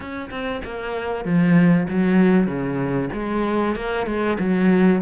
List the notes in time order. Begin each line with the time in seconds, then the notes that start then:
0.00 C#4
0.30 C4
0.64 A#3
1.24 F3
1.89 F#3
2.46 C#3
3.13 G#3
3.75 A#3
4.06 G#3
4.39 F#3